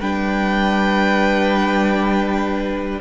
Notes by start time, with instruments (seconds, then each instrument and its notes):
0.00 cello G3, viola D4, violin B4 G5